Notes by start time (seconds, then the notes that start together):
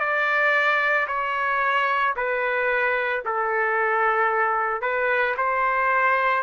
0.00 D5
1.07 C#5
2.16 B4
3.25 A4
4.81 B4
5.37 C5